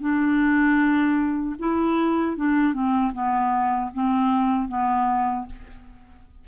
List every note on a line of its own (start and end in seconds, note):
0.00 1.56 D4
1.59 2.37 E4
2.37 2.73 D4
2.73 3.12 C4
3.13 3.91 B3
3.94 4.68 C4
4.68 5.46 B3